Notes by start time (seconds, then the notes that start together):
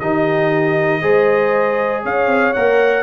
0.00 D#3 D#4 G4 D#5
1.02 G#3 G#4 C5
2.03 C#4 C#5 F5
2.27 C4
2.54 A#3 A#4 F#5